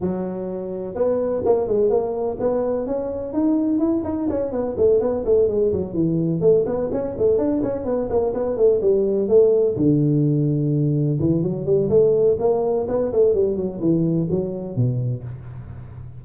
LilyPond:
\new Staff \with { instrumentName = "tuba" } { \time 4/4 \tempo 4 = 126 fis2 b4 ais8 gis8 | ais4 b4 cis'4 dis'4 | e'8 dis'8 cis'8 b8 a8 b8 a8 gis8 | fis8 e4 a8 b8 cis'8 a8 d'8 |
cis'8 b8 ais8 b8 a8 g4 a8~ | a8 d2. e8 | fis8 g8 a4 ais4 b8 a8 | g8 fis8 e4 fis4 b,4 | }